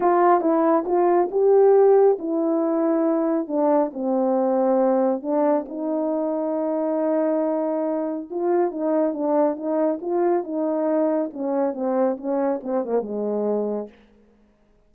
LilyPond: \new Staff \with { instrumentName = "horn" } { \time 4/4 \tempo 4 = 138 f'4 e'4 f'4 g'4~ | g'4 e'2. | d'4 c'2. | d'4 dis'2.~ |
dis'2. f'4 | dis'4 d'4 dis'4 f'4 | dis'2 cis'4 c'4 | cis'4 c'8 ais8 gis2 | }